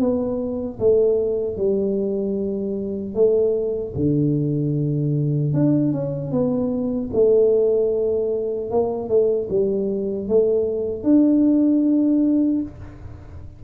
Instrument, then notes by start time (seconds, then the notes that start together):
tuba
0.00 B3
0.80 A3
1.57 G3
3.15 A3
3.95 D3
5.54 D4
5.92 C#4
6.32 B3
7.13 A3
8.71 A#3
9.09 A3
9.50 G3
10.28 A3
11.03 D4